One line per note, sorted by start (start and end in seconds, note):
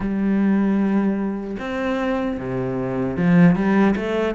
0.00 1.56 G3
1.59 2.38 C4
2.38 3.16 C3
3.16 3.55 F3
3.55 3.95 G3
3.95 4.35 A3